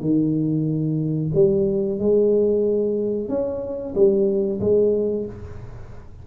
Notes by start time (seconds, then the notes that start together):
0.00 D#3
1.34 G3
1.99 G#3
3.28 C#4
3.95 G3
4.60 G#3